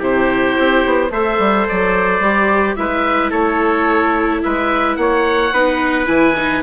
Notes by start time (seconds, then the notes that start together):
0.00 C3 E4 G4 C5
0.59 C4
0.86 B3
1.11 A3 A4 C5 E5
1.39 G3
1.69 F#3 D5
2.21 G3 G4
2.76 G#3 E4 B4 E5
3.31 A3 A4 C#5
4.43 G#3 B4 E5
4.96 A#3 C#5 F#5
5.53 B3 D#4 B4
6.07 E3 E4 G#5
6.37 D#4